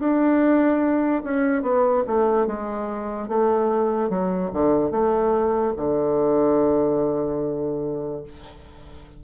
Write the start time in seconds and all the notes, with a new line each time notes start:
0.00 D4
1.24 C#4
1.63 B3
2.07 A3
2.47 G#3
3.29 A3
4.10 F#3
4.53 D3
4.91 A3
5.77 D3